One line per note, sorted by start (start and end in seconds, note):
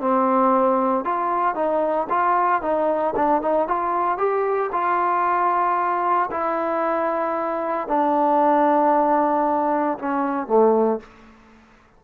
0.00 1.05 C4
1.05 1.55 F4
1.55 2.07 D#4
2.09 2.61 F4
2.61 3.14 D#4
3.16 3.42 D4
3.42 3.67 D#4
3.67 4.17 F4
4.17 4.70 G4
4.72 6.30 F4
6.31 7.88 E4
7.88 9.98 D4
9.98 10.47 C#4
10.47 11.00 A3